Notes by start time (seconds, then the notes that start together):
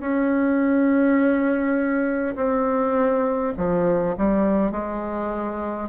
0.00 C#4
2.36 C4
3.57 F3
4.17 G3
4.71 G#3